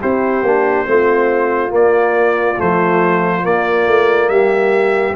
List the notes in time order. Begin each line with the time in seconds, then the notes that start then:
0.00 C4 E4 G4 C5
0.42 A#3 D4
0.86 A3 C4 F4
1.69 A#3 D5
2.58 F3 A3 C5
3.42 A#3 D5
3.86 A3
4.29 G3 G4 E5